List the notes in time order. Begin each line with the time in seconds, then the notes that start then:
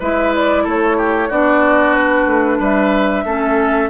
0.00 G#3 E4 B4 E5
0.35 D5
0.64 A3 A4 C#5
0.98 G4
1.29 B3 D4 F#4 D5
1.95 B4
2.27 A3
2.60 G3 B4 E5
3.25 A3 C#4 A4